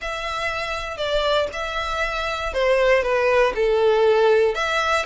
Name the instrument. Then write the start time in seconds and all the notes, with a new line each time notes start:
violin
0.01 E5
0.97 D5
1.52 E5
2.53 C5
3.02 B4
3.55 A4
4.54 E5